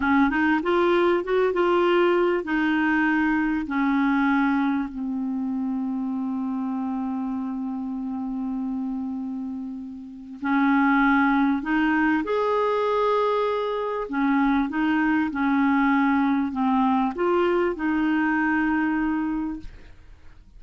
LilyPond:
\new Staff \with { instrumentName = "clarinet" } { \time 4/4 \tempo 4 = 98 cis'8 dis'8 f'4 fis'8 f'4. | dis'2 cis'2 | c'1~ | c'1~ |
c'4 cis'2 dis'4 | gis'2. cis'4 | dis'4 cis'2 c'4 | f'4 dis'2. | }